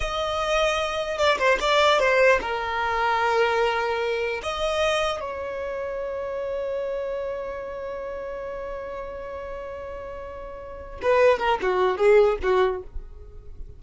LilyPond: \new Staff \with { instrumentName = "violin" } { \time 4/4 \tempo 4 = 150 dis''2. d''8 c''8 | d''4 c''4 ais'2~ | ais'2. dis''4~ | dis''4 cis''2.~ |
cis''1~ | cis''1~ | cis''2.~ cis''8 b'8~ | b'8 ais'8 fis'4 gis'4 fis'4 | }